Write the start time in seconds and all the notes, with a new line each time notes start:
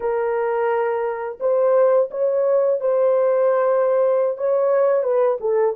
0.00 A#4
1.40 C5
2.10 C#5
2.80 C5
4.37 C#5
5.03 B4
5.40 A4